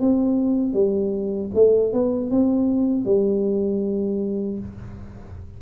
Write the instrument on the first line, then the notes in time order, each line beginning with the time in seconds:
tuba
0.00 C4
0.73 G3
1.55 A3
1.93 B3
2.30 C4
3.05 G3